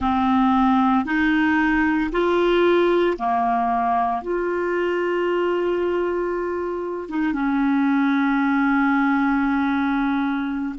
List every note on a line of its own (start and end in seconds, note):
0.00 1.05 C4
1.05 2.10 D#4
2.11 3.17 F4
3.18 4.22 A#3
4.22 7.09 F4
7.09 7.32 D#4
7.32 10.74 C#4